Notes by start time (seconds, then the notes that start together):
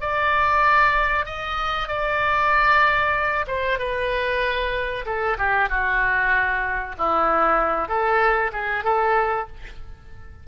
0.00 D5
1.25 D#5
1.87 D5
3.47 C5
3.79 B4
5.05 A4
5.38 G4
5.69 F#4
6.98 E4
7.88 A4
8.52 G#4
8.84 A4